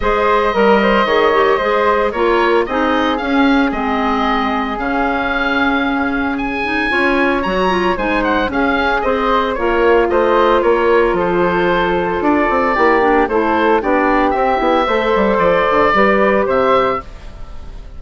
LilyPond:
<<
  \new Staff \with { instrumentName = "oboe" } { \time 4/4 \tempo 4 = 113 dis''1 | cis''4 dis''4 f''4 dis''4~ | dis''4 f''2. | gis''2 ais''4 gis''8 fis''8 |
f''4 dis''4 cis''4 dis''4 | cis''4 c''2 d''4~ | d''4 c''4 d''4 e''4~ | e''4 d''2 e''4 | }
  \new Staff \with { instrumentName = "flute" } { \time 4/4 c''4 ais'8 c''8 cis''4 c''4 | ais'4 gis'2.~ | gis'1~ | gis'4 cis''2 c''4 |
gis'4 c''4 f'4 c''4 | ais'4 a'2. | g'4 a'4 g'2 | c''2 b'4 c''4 | }
  \new Staff \with { instrumentName = "clarinet" } { \time 4/4 gis'4 ais'4 gis'8 g'8 gis'4 | f'4 dis'4 cis'4 c'4~ | c'4 cis'2.~ | cis'8 dis'8 f'4 fis'8 f'8 dis'4 |
cis'4 gis'4 ais'4 f'4~ | f'1 | e'8 d'8 e'4 d'4 c'8 e'8 | a'2 g'2 | }
  \new Staff \with { instrumentName = "bassoon" } { \time 4/4 gis4 g4 dis4 gis4 | ais4 c'4 cis'4 gis4~ | gis4 cis2.~ | cis4 cis'4 fis4 gis4 |
cis'4 c'4 ais4 a4 | ais4 f2 d'8 c'8 | ais4 a4 b4 c'8 b8 | a8 g8 f8 d8 g4 c4 | }
>>